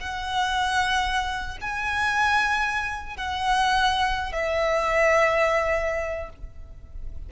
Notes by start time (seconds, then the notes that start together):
0.00 F#5
1.61 G#5
3.17 F#5
4.32 E5